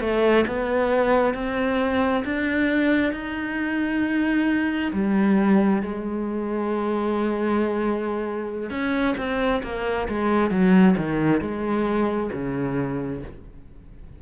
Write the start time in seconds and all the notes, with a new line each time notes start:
0.00 A3
0.47 B3
1.34 C4
2.24 D4
3.13 D#4
4.93 G3
5.82 G#3
8.70 C#4
9.17 C4
9.63 A#3
10.08 G#3
10.51 F#3
10.97 D#3
11.41 G#3
12.32 C#3